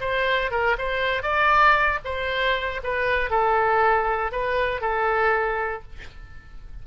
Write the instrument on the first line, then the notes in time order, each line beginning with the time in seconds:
oboe
0.00 C5
0.51 A#4
0.78 C5
1.22 D5
2.04 C5
2.83 B4
3.30 A4
4.32 B4
4.81 A4